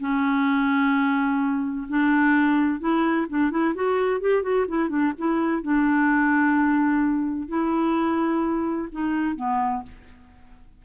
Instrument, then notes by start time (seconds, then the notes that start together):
clarinet
0.00 C#4
1.89 D4
2.80 E4
3.29 D4
3.51 E4
3.75 F#4
4.21 G4
4.43 F#4
4.68 E4
4.89 D4
5.19 E4
5.62 D4
7.49 E4
8.92 D#4
9.36 B3